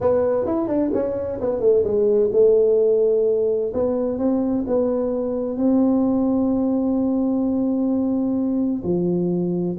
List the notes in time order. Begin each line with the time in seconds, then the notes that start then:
0.00 B3
0.46 E4
0.67 D4
0.93 C#4
1.40 B3
1.60 A3
1.84 G#3
2.32 A3
3.73 B3
4.18 C4
4.67 B3
5.57 C4
8.83 F3